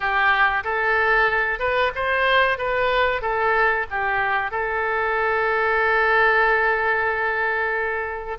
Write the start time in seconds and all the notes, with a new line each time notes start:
0.00 G4
0.64 A4
1.59 B4
1.95 C5
2.58 B4
3.21 A4
3.90 G4
4.51 A4